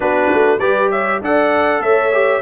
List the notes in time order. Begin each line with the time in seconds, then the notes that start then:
0.00 B3 D4 F#4 B4
0.33 A3
0.59 G3 G4 B4 D5
0.90 C#5 E5
1.20 D4 A4 D5 F#5
1.80 A3 C#5 E5
2.12 G4